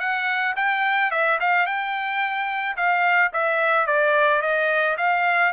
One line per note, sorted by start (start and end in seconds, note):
0.00 0.55 F#5
0.57 1.11 G5
1.11 1.39 E5
1.41 1.66 F5
1.66 2.76 G5
2.77 3.32 F5
3.33 3.87 E5
3.87 4.42 D5
4.42 4.97 D#5
4.98 5.53 F5